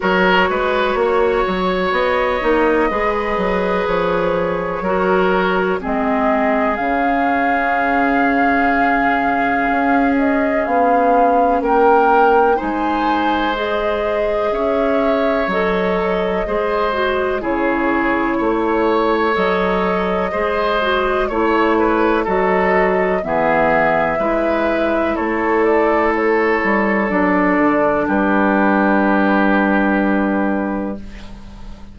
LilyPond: <<
  \new Staff \with { instrumentName = "flute" } { \time 4/4 \tempo 4 = 62 cis''2 dis''2 | cis''2 dis''4 f''4~ | f''2~ f''8 dis''8 f''4 | g''4 gis''4 dis''4 e''4 |
dis''2 cis''2 | dis''2 cis''4 dis''4 | e''2 cis''8 d''8 cis''4 | d''4 b'2. | }
  \new Staff \with { instrumentName = "oboe" } { \time 4/4 ais'8 b'8 cis''2 b'4~ | b'4 ais'4 gis'2~ | gis'1 | ais'4 c''2 cis''4~ |
cis''4 c''4 gis'4 cis''4~ | cis''4 c''4 cis''8 b'8 a'4 | gis'4 b'4 a'2~ | a'4 g'2. | }
  \new Staff \with { instrumentName = "clarinet" } { \time 4/4 fis'2~ fis'8 dis'8 gis'4~ | gis'4 fis'4 c'4 cis'4~ | cis'1~ | cis'4 dis'4 gis'2 |
a'4 gis'8 fis'8 e'2 | a'4 gis'8 fis'8 e'4 fis'4 | b4 e'2. | d'1 | }
  \new Staff \with { instrumentName = "bassoon" } { \time 4/4 fis8 gis8 ais8 fis8 b8 ais8 gis8 fis8 | f4 fis4 gis4 cis4~ | cis2 cis'4 b4 | ais4 gis2 cis'4 |
fis4 gis4 cis4 a4 | fis4 gis4 a4 fis4 | e4 gis4 a4. g8 | fis8 d8 g2. | }
>>